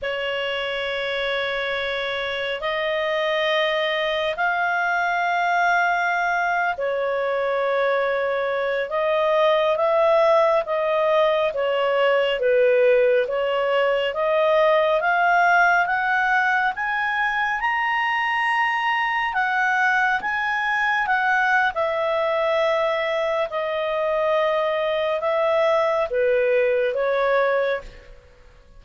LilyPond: \new Staff \with { instrumentName = "clarinet" } { \time 4/4 \tempo 4 = 69 cis''2. dis''4~ | dis''4 f''2~ f''8. cis''16~ | cis''2~ cis''16 dis''4 e''8.~ | e''16 dis''4 cis''4 b'4 cis''8.~ |
cis''16 dis''4 f''4 fis''4 gis''8.~ | gis''16 ais''2 fis''4 gis''8.~ | gis''16 fis''8. e''2 dis''4~ | dis''4 e''4 b'4 cis''4 | }